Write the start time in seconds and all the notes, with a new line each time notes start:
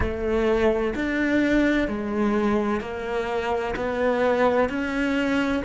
0.00 A3
0.95 D4
1.87 G#3
2.80 A#3
3.76 B3
4.69 C#4